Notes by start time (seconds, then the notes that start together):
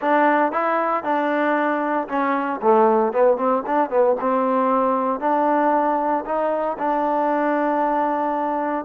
0.01 D4
0.51 E4
1.03 D4
2.08 C#4
2.61 A3
3.12 B3
3.37 C4
3.66 D4
3.90 B3
4.20 C4
5.20 D4
6.25 D#4
6.78 D4